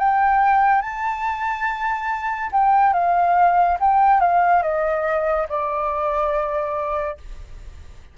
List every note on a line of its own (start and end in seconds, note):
0.00 0.82 G5
0.82 2.51 A5
2.53 2.94 G5
2.94 3.78 F5
3.80 4.21 G5
4.21 4.63 F5
4.63 5.48 D#5
5.49 7.18 D5